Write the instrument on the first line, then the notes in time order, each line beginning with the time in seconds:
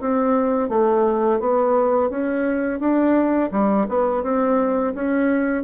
bassoon
0.00 C4
0.69 A3
1.39 B3
2.10 C#4
2.79 D4
3.51 G3
3.88 B3
4.23 C4
4.94 C#4